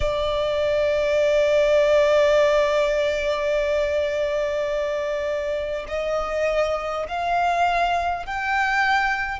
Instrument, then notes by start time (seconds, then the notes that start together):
violin
0.00 D5
5.88 D#5
7.08 F5
8.26 G5